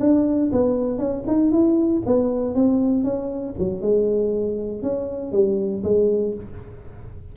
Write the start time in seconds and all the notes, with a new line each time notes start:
0.00 D4
0.52 B3
0.99 C#4
1.27 D#4
1.52 E4
2.06 B3
2.55 C4
3.04 C#4
3.59 F#3
3.81 G#3
4.83 C#4
5.32 G3
5.84 G#3